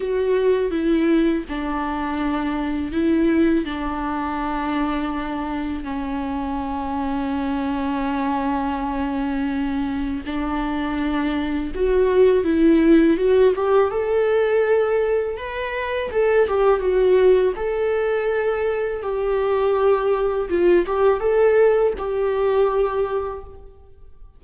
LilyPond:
\new Staff \with { instrumentName = "viola" } { \time 4/4 \tempo 4 = 82 fis'4 e'4 d'2 | e'4 d'2. | cis'1~ | cis'2 d'2 |
fis'4 e'4 fis'8 g'8 a'4~ | a'4 b'4 a'8 g'8 fis'4 | a'2 g'2 | f'8 g'8 a'4 g'2 | }